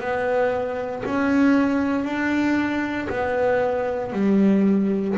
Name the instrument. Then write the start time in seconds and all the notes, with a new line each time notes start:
double bass
0.00 B3
1.05 C#4
2.05 D4
3.09 B3
4.12 G3